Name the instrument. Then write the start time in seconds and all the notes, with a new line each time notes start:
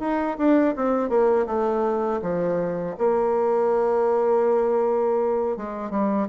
bassoon
0.00 D#4
0.38 D4
0.76 C4
1.09 A#3
1.47 A3
2.22 F3
2.98 A#3
5.57 G#3
5.91 G3